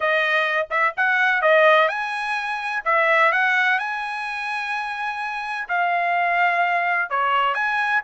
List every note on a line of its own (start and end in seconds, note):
0.00 0.67 D#5
0.70 0.94 E5
0.96 1.41 F#5
1.41 1.88 D#5
1.88 2.82 G#5
2.84 3.32 E5
3.32 3.78 F#5
3.78 5.67 G#5
5.68 7.10 F5
7.10 7.54 C#5
7.54 8.01 G#5